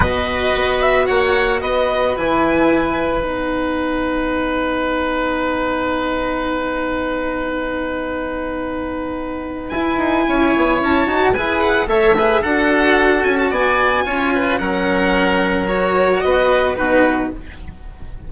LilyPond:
<<
  \new Staff \with { instrumentName = "violin" } { \time 4/4 \tempo 4 = 111 dis''4. e''8 fis''4 dis''4 | gis''2 fis''2~ | fis''1~ | fis''1~ |
fis''2 gis''2 | a''4 gis''8 fis''8 e''4 fis''4~ | fis''8 gis''16 a''16 gis''2 fis''4~ | fis''4 cis''4 dis''4 b'4 | }
  \new Staff \with { instrumentName = "oboe" } { \time 4/4 b'2 cis''4 b'4~ | b'1~ | b'1~ | b'1~ |
b'2. cis''4~ | cis''4 b'4 cis''8 b'8 a'4~ | a'4 d''4 cis''8 b'8 ais'4~ | ais'2 b'4 fis'4 | }
  \new Staff \with { instrumentName = "cello" } { \time 4/4 fis'1 | e'2 dis'2~ | dis'1~ | dis'1~ |
dis'2 e'2~ | e'8 fis'8 gis'4 a'8 gis'8 fis'4~ | fis'2 f'4 cis'4~ | cis'4 fis'2 dis'4 | }
  \new Staff \with { instrumentName = "bassoon" } { \time 4/4 b,4 b4 ais4 b4 | e2 b2~ | b1~ | b1~ |
b2 e'8 dis'8 cis'8 b8 | cis'8 dis'8 e'4 a4 d'4~ | d'8 cis'8 b4 cis'4 fis4~ | fis2 b4 b,4 | }
>>